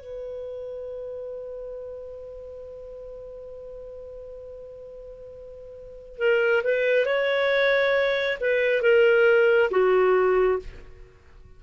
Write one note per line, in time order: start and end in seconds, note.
0.00 6.18 B4
6.18 6.62 A#4
6.63 7.05 B4
7.05 8.38 C#5
8.40 8.82 B4
8.82 9.70 A#4
9.71 10.59 F#4